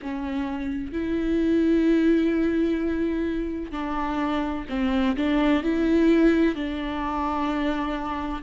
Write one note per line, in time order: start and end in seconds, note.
0.02 0.92 C#4
0.92 3.71 E4
3.71 4.65 D4
4.69 5.16 C4
5.16 5.62 D4
5.62 6.55 E4
6.55 8.42 D4